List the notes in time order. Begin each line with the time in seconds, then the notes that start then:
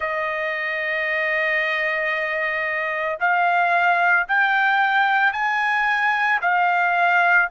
0.00 D#5
3.19 F5
4.28 G5
5.33 G#5
6.41 F5